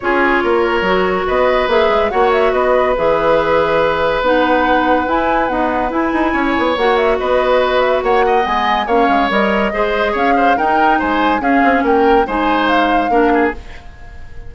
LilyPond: <<
  \new Staff \with { instrumentName = "flute" } { \time 4/4 \tempo 4 = 142 cis''2. dis''4 | e''4 fis''8 e''8 dis''4 e''4~ | e''2 fis''2 | gis''4 fis''4 gis''2 |
fis''8 e''8 dis''4. e''8 fis''4 | gis''4 f''4 dis''2 | f''4 g''4 gis''4 f''4 | g''4 gis''4 f''2 | }
  \new Staff \with { instrumentName = "oboe" } { \time 4/4 gis'4 ais'2 b'4~ | b'4 cis''4 b'2~ | b'1~ | b'2. cis''4~ |
cis''4 b'2 cis''8 dis''8~ | dis''4 cis''2 c''4 | cis''8 c''8 ais'4 c''4 gis'4 | ais'4 c''2 ais'8 gis'8 | }
  \new Staff \with { instrumentName = "clarinet" } { \time 4/4 f'2 fis'2 | gis'4 fis'2 gis'4~ | gis'2 dis'2 | e'4 b4 e'2 |
fis'1 | b4 cis'4 ais'4 gis'4~ | gis'4 dis'2 cis'4~ | cis'4 dis'2 d'4 | }
  \new Staff \with { instrumentName = "bassoon" } { \time 4/4 cis'4 ais4 fis4 b4 | ais8 gis8 ais4 b4 e4~ | e2 b2 | e'4 dis'4 e'8 dis'8 cis'8 b8 |
ais4 b2 ais4 | gis4 ais8 gis8 g4 gis4 | cis'4 dis'4 gis4 cis'8 c'8 | ais4 gis2 ais4 | }
>>